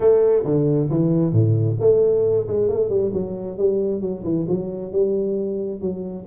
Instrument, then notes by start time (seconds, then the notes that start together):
tuba
0.00 A3
0.44 D3
0.90 E3
1.32 A2
1.80 A3
2.47 G#3
2.68 A3
2.89 G3
3.13 F#3
3.57 G3
4.01 F#3
4.24 E3
4.48 F#3
4.92 G3
5.80 F#3